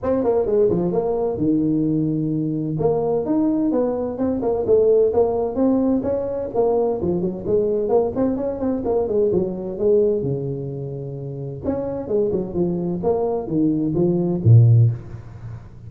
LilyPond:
\new Staff \with { instrumentName = "tuba" } { \time 4/4 \tempo 4 = 129 c'8 ais8 gis8 f8 ais4 dis4~ | dis2 ais4 dis'4 | b4 c'8 ais8 a4 ais4 | c'4 cis'4 ais4 f8 fis8 |
gis4 ais8 c'8 cis'8 c'8 ais8 gis8 | fis4 gis4 cis2~ | cis4 cis'4 gis8 fis8 f4 | ais4 dis4 f4 ais,4 | }